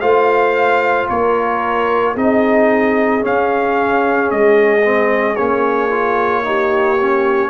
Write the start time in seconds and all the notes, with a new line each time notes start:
0.00 A3 F4 C5 F5
1.08 A#3 A#4 C#5
2.14 C4 D#4 G#4 D#5
3.21 C#4 F5
4.31 G#3 D#5
4.82 C4
5.36 A#3 C#4 C#5
5.90 F4
6.44 D#4 G4
7.00 C#4